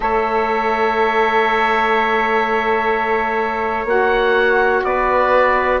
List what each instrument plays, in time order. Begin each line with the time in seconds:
0.00 bassoon A3, saxophone A4, trumpet C#5, oboe E5
3.84 bassoon A#3, saxophone F#4, oboe F#5
4.83 bassoon B3, trumpet B4, oboe D5